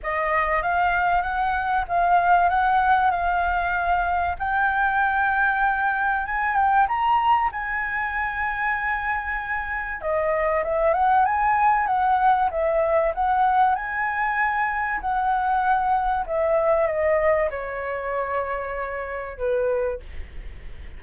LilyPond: \new Staff \with { instrumentName = "flute" } { \time 4/4 \tempo 4 = 96 dis''4 f''4 fis''4 f''4 | fis''4 f''2 g''4~ | g''2 gis''8 g''8 ais''4 | gis''1 |
dis''4 e''8 fis''8 gis''4 fis''4 | e''4 fis''4 gis''2 | fis''2 e''4 dis''4 | cis''2. b'4 | }